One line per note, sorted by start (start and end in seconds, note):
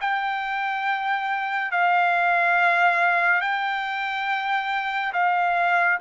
0.00 1.71 G5
1.71 3.41 F5
3.41 5.12 G5
5.13 5.98 F5